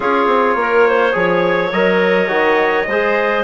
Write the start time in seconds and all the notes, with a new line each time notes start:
0.00 C#4 F4 G#4 C#5
0.26 C4
0.55 A#3 A#4
0.87 C5
1.12 F3 G#4 C#5
1.72 F#3 A#4 D#5
2.28 D#3 F#4
2.87 G#3 G#4 C5